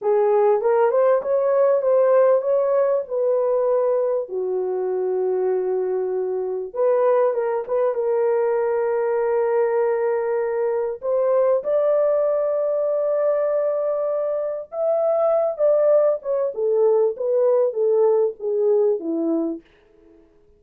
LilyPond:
\new Staff \with { instrumentName = "horn" } { \time 4/4 \tempo 4 = 98 gis'4 ais'8 c''8 cis''4 c''4 | cis''4 b'2 fis'4~ | fis'2. b'4 | ais'8 b'8 ais'2.~ |
ais'2 c''4 d''4~ | d''1 | e''4. d''4 cis''8 a'4 | b'4 a'4 gis'4 e'4 | }